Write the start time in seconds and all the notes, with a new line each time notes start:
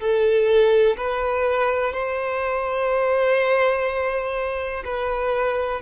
0.00 A4
0.97 B4
1.93 C5
4.85 B4